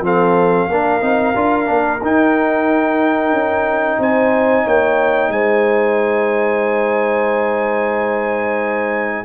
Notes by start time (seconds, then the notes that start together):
0.00 F3 C4 A4 F5
0.69 A#3 D4 A#4
1.01 C4 D#4
1.35 D4 F4
1.66 A#3 D4
2.02 D#4 G5
3.32 C#4
3.98 C4 C5 G#5
4.64 A#3 C#5 G5
5.29 G#3 C5 G#5